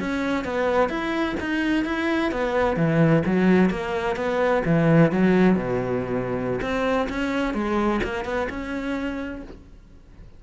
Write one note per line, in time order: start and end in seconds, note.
0.00 0.45 C#4
0.45 0.89 B3
0.89 1.36 E4
1.40 1.85 D#4
1.85 2.32 E4
2.32 2.76 B3
2.76 3.23 E3
3.26 3.70 F#3
3.70 4.16 A#3
4.16 4.63 B3
4.65 5.12 E3
5.12 5.56 F#3
5.56 6.60 B2
6.62 7.08 C4
7.09 7.54 C#4
7.54 8.01 G#3
8.04 8.25 A#3
8.25 8.48 B3
8.50 9.43 C#4